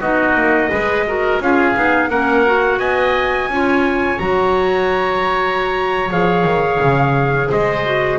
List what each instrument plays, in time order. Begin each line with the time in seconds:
0.00 double bass B3, clarinet D#4, oboe F#4, trumpet D#5
0.35 double bass A#3
0.70 double bass G#3, clarinet G#4, oboe B4
1.07 clarinet F#4, oboe A#4
1.40 double bass C#4, clarinet F4, oboe G#4, trumpet F5
1.74 double bass B3, clarinet D#4
2.09 double bass A#3, clarinet C#4, oboe A#4, trumpet F#5
2.45 clarinet F#4
2.78 double bass B3, oboe D#5, trumpet G#5
3.48 double bass C#4, clarinet F4, oboe C#5
4.19 double bass F#3, clarinet F#4, trumpet A#5
6.10 double bass F3, clarinet G#4, trumpet F5
6.45 double bass D#3
6.80 double bass C#3
7.49 double bass G#3, oboe C5, trumpet D#5
7.84 clarinet F#4